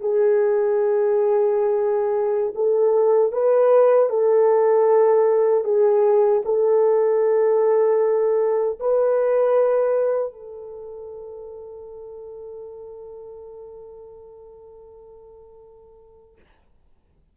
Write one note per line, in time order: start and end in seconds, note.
0.00 2.53 G#4
2.55 3.32 A4
3.32 4.09 B4
4.09 5.64 A4
5.64 6.42 G#4
6.45 8.79 A4
8.79 10.32 B4
10.32 16.36 A4